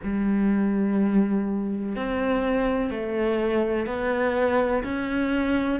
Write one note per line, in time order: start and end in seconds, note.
0.03 1.95 G3
1.95 2.90 C4
2.90 3.86 A3
3.86 4.83 B3
4.83 5.80 C#4